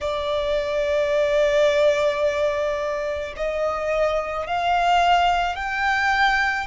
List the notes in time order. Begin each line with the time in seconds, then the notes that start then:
0.00 D5
3.36 D#5
4.46 F5
5.55 G5